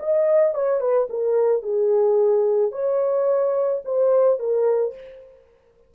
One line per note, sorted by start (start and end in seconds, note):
0.00 0.55 D#5
0.55 0.81 C#5
0.81 1.08 B4
1.10 1.63 A#4
1.63 2.72 G#4
2.72 3.82 C#5
3.85 4.40 C5
4.40 4.95 A#4